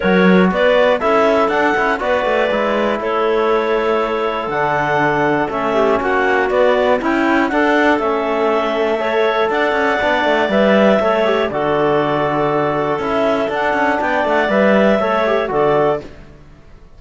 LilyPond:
<<
  \new Staff \with { instrumentName = "clarinet" } { \time 4/4 \tempo 4 = 120 cis''4 d''4 e''4 fis''4 | d''2 cis''2~ | cis''4 fis''2 e''4 | fis''4 d''4 g''4 fis''4 |
e''2. fis''4~ | fis''4 e''2 d''4~ | d''2 e''4 fis''4 | g''8 fis''8 e''2 d''4 | }
  \new Staff \with { instrumentName = "clarinet" } { \time 4/4 ais'4 b'4 a'2 | b'2 a'2~ | a'2.~ a'8 g'8 | fis'2 e'4 a'4~ |
a'2 cis''4 d''4~ | d''2 cis''4 a'4~ | a'1 | d''2 cis''4 a'4 | }
  \new Staff \with { instrumentName = "trombone" } { \time 4/4 fis'2 e'4 d'8 e'8 | fis'4 e'2.~ | e'4 d'2 cis'4~ | cis'4 b4 e'4 d'4 |
cis'2 a'2 | d'4 b'4 a'8 g'8 fis'4~ | fis'2 e'4 d'4~ | d'4 b'4 a'8 g'8 fis'4 | }
  \new Staff \with { instrumentName = "cello" } { \time 4/4 fis4 b4 cis'4 d'8 cis'8 | b8 a8 gis4 a2~ | a4 d2 a4 | ais4 b4 cis'4 d'4 |
a2. d'8 cis'8 | b8 a8 g4 a4 d4~ | d2 cis'4 d'8 cis'8 | b8 a8 g4 a4 d4 | }
>>